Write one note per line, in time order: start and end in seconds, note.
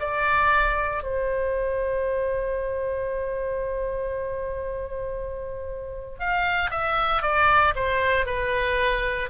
0.00 1.03 D5
1.03 6.20 C5
6.20 6.71 F5
6.71 7.23 E5
7.23 7.74 D5
7.75 8.26 C5
8.26 9.30 B4